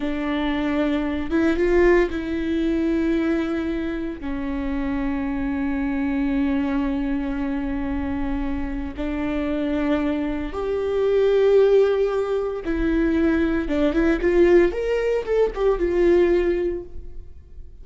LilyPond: \new Staff \with { instrumentName = "viola" } { \time 4/4 \tempo 4 = 114 d'2~ d'8 e'8 f'4 | e'1 | cis'1~ | cis'1~ |
cis'4 d'2. | g'1 | e'2 d'8 e'8 f'4 | ais'4 a'8 g'8 f'2 | }